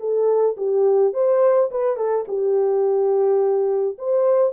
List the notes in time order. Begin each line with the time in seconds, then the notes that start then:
0.00 A4
0.57 G4
1.13 C5
1.71 B4
1.97 A4
2.28 G4
3.99 C5